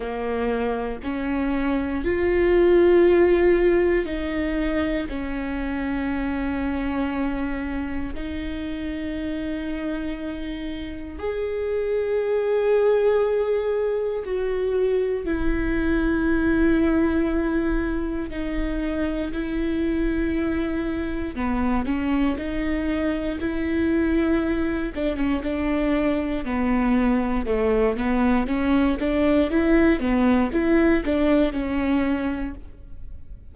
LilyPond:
\new Staff \with { instrumentName = "viola" } { \time 4/4 \tempo 4 = 59 ais4 cis'4 f'2 | dis'4 cis'2. | dis'2. gis'4~ | gis'2 fis'4 e'4~ |
e'2 dis'4 e'4~ | e'4 b8 cis'8 dis'4 e'4~ | e'8 d'16 cis'16 d'4 b4 a8 b8 | cis'8 d'8 e'8 b8 e'8 d'8 cis'4 | }